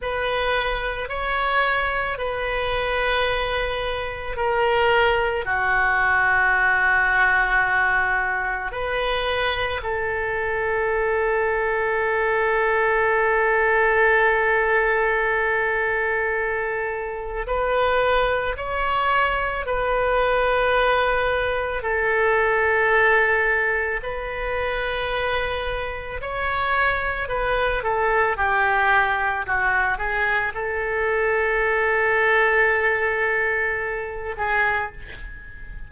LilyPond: \new Staff \with { instrumentName = "oboe" } { \time 4/4 \tempo 4 = 55 b'4 cis''4 b'2 | ais'4 fis'2. | b'4 a'2.~ | a'1 |
b'4 cis''4 b'2 | a'2 b'2 | cis''4 b'8 a'8 g'4 fis'8 gis'8 | a'2.~ a'8 gis'8 | }